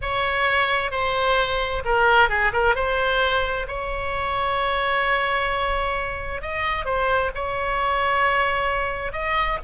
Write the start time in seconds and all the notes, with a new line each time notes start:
0.01 C#5
0.91 C5
1.84 A#4
2.29 G#4
2.52 A#4
2.75 C5
3.67 C#5
6.41 D#5
6.85 C5
7.34 C#5
9.12 D#5